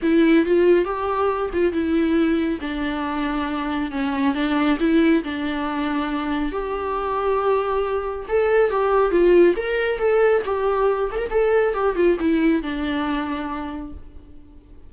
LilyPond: \new Staff \with { instrumentName = "viola" } { \time 4/4 \tempo 4 = 138 e'4 f'4 g'4. f'8 | e'2 d'2~ | d'4 cis'4 d'4 e'4 | d'2. g'4~ |
g'2. a'4 | g'4 f'4 ais'4 a'4 | g'4. a'16 ais'16 a'4 g'8 f'8 | e'4 d'2. | }